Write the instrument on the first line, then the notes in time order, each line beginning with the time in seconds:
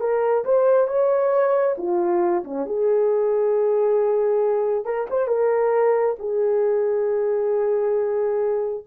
horn
0.00 A#4
0.45 C5
0.87 C#5
1.78 F4
2.44 C#4
2.66 G#4
4.85 A#4
5.10 C5
5.27 A#4
6.19 G#4